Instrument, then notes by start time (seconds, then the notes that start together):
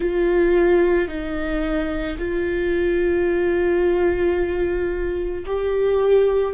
viola
0.00 F4
1.08 D#4
2.18 F4
5.45 G4